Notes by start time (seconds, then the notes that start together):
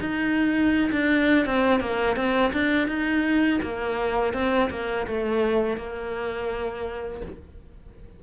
0.00 D#4
0.92 D4
1.46 C4
1.80 A#3
2.16 C4
2.53 D4
2.88 D#4
3.62 A#3
4.33 C4
4.70 A#3
5.07 A3
5.77 A#3